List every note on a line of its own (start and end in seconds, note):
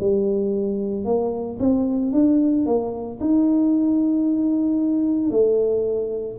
0.00 1.05 G3
1.05 1.58 A#3
1.60 2.12 C4
2.12 2.66 D4
2.66 3.20 A#3
3.20 5.31 D#4
5.31 6.38 A3